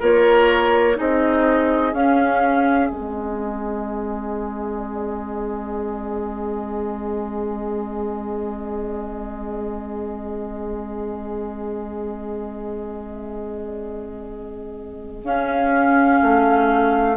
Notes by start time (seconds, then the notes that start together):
0.00 A#3 F4 A#4 C#5
0.95 C4 D#4 G#4 D#5
1.93 C#4 F5
2.89 G#3 C4 D#5
15.24 C#4 F5
16.22 A3